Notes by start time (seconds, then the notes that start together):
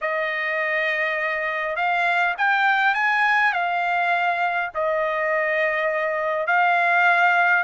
0.01 D#5
1.75 F5
2.37 G5
2.94 G#5
3.52 F5
4.74 D#5
6.47 F5